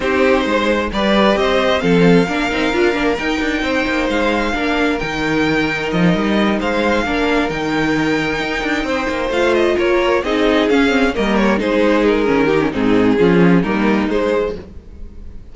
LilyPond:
<<
  \new Staff \with { instrumentName = "violin" } { \time 4/4 \tempo 4 = 132 c''2 d''4 dis''4 | f''2. g''4~ | g''4 f''2 g''4~ | g''4 dis''4. f''4.~ |
f''8 g''2.~ g''8~ | g''8 f''8 dis''8 cis''4 dis''4 f''8~ | f''8 dis''8 cis''8 c''4 ais'4. | gis'2 ais'4 c''4 | }
  \new Staff \with { instrumentName = "violin" } { \time 4/4 g'4 c''4 b'4 c''4 | a'4 ais'2. | c''2 ais'2~ | ais'2~ ais'8 c''4 ais'8~ |
ais'2.~ ais'8 c''8~ | c''4. ais'4 gis'4.~ | gis'8 ais'4 gis'2 g'8 | dis'4 f'4 dis'2 | }
  \new Staff \with { instrumentName = "viola" } { \time 4/4 dis'2 g'2 | c'4 d'8 dis'8 f'8 d'8 dis'4~ | dis'2 d'4 dis'4~ | dis'2.~ dis'8 d'8~ |
d'8 dis'2.~ dis'8~ | dis'8 f'2 dis'4 cis'8 | c'8 ais4 dis'4. cis'8 dis'16 cis'16 | c'4 cis'4 ais4 gis4 | }
  \new Staff \with { instrumentName = "cello" } { \time 4/4 c'4 gis4 g4 c'4 | f4 ais8 c'8 d'8 ais8 dis'8 d'8 | c'8 ais8 gis4 ais4 dis4~ | dis4 f8 g4 gis4 ais8~ |
ais8 dis2 dis'8 d'8 c'8 | ais8 a4 ais4 c'4 cis'8~ | cis'8 g4 gis4. dis4 | gis,4 f4 g4 gis4 | }
>>